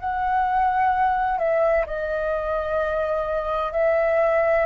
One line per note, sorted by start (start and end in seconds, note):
0.00 1.39 F#5
1.39 1.86 E5
1.87 3.73 D#5
3.73 4.66 E5